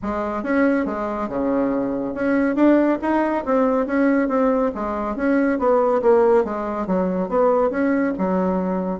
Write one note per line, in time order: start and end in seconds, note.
0.02 0.43 G#3
0.43 0.85 C#4
0.85 1.28 G#3
1.29 2.14 C#3
2.14 2.55 C#4
2.55 2.98 D4
3.01 3.44 D#4
3.45 3.86 C4
3.86 4.28 C#4
4.28 4.71 C4
4.74 5.15 G#3
5.15 5.58 C#4
5.58 6.01 B3
6.02 6.44 A#3
6.44 6.86 G#3
6.86 7.28 F#3
7.28 7.70 B3
7.70 8.13 C#4
8.17 8.99 F#3